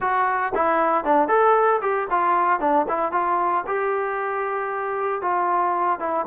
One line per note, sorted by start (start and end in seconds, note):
0.00 0.52 F#4
0.55 1.04 E4
1.04 1.28 D4
1.28 1.80 A4
1.81 2.07 G4
2.10 2.59 F4
2.59 2.86 D4
2.88 3.12 E4
3.12 3.64 F4
3.66 5.21 G4
5.21 5.99 F4
5.99 6.25 E4